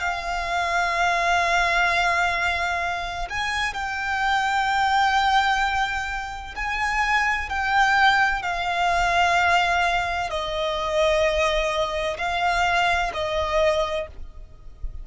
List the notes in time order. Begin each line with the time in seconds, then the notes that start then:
0.00 F5
3.29 G#5
3.73 G5
6.55 G#5
7.49 G5
8.42 F5
10.30 D#5
12.18 F5
13.13 D#5